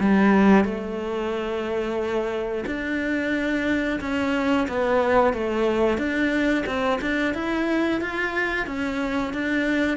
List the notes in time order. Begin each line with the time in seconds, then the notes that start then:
0.00 G3
0.65 A3
2.67 D4
4.01 C#4
4.68 B3
5.34 A3
5.98 D4
6.67 C4
7.02 D4
7.35 E4
8.01 F4
8.67 C#4
9.34 D4